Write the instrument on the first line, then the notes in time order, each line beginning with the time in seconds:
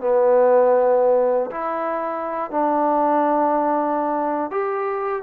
trombone
0.00 B3
1.50 E4
2.50 D4
4.50 G4